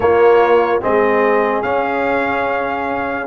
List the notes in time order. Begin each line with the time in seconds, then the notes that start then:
0.00 A#3 F4 C#5
0.81 G#3 C4 G#4 D#5
1.62 C#4 F5